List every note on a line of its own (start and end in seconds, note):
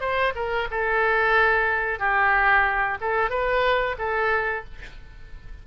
0.00 0.33 C5
0.35 0.68 A#4
0.70 1.99 A4
1.99 2.98 G4
3.01 3.30 A4
3.30 3.96 B4
3.98 4.64 A4